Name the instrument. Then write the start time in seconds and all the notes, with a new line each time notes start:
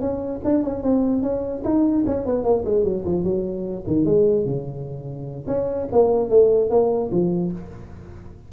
tuba
0.00 C#4
0.44 D4
0.63 C#4
0.83 C4
1.22 C#4
1.64 D#4
2.06 C#4
2.25 B3
2.44 A#3
2.65 G#3
2.84 F#3
3.04 F3
3.23 F#3
3.86 D#3
4.05 G#3
4.45 C#3
5.47 C#4
5.92 A#3
6.29 A3
6.70 A#3
7.11 F3